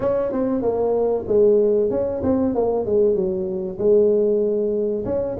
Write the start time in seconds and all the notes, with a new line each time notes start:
0.00 C#4
0.32 C4
0.62 A#3
1.27 G#3
1.90 C#4
2.22 C4
2.54 A#3
2.85 G#3
3.15 F#3
3.78 G#3
5.05 C#4